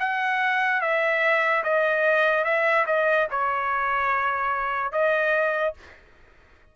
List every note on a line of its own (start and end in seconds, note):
0.00 0.81 F#5
0.81 1.64 E5
1.64 2.45 D#5
2.45 2.86 E5
2.87 3.28 D#5
3.31 4.92 C#5
4.92 5.75 D#5